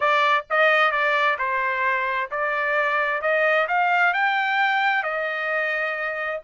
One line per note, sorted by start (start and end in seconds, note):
0.00 0.45 D5
0.50 0.91 D#5
0.91 1.37 D5
1.38 2.30 C5
2.30 3.21 D5
3.21 3.67 D#5
3.67 4.13 F5
4.13 5.03 G5
5.03 6.40 D#5